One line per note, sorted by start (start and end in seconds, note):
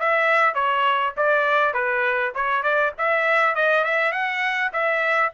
0.00 0.55 E5
0.55 1.14 C#5
1.17 1.74 D5
1.74 2.33 B4
2.35 2.63 C#5
2.63 2.93 D5
2.98 3.55 E5
3.55 3.85 D#5
3.85 4.12 E5
4.12 4.71 F#5
4.73 5.32 E5